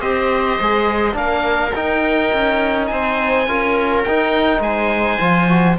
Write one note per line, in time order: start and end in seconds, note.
0.00 0.59 C4
0.00 0.59 G4
0.00 1.15 C5
0.00 1.16 D#5
0.59 1.14 G#3
0.59 1.12 G#4
1.12 1.72 A#3
1.12 1.70 D4
1.12 2.90 A#4
1.12 1.73 F5
1.75 2.32 D#4
1.75 3.47 D#4
1.75 2.86 G5
2.33 2.90 C#4
2.86 3.47 C4
2.86 3.48 C5
2.86 4.02 G#5
3.47 4.04 C#4
3.47 4.05 F4
3.47 4.63 A#4
4.03 5.20 D#4
4.03 4.59 D#4
4.03 4.61 G5
4.59 5.17 G#3
4.59 5.78 C5
4.59 5.77 G#5
5.20 5.78 F3
5.20 5.48 F4
5.48 5.77 F#4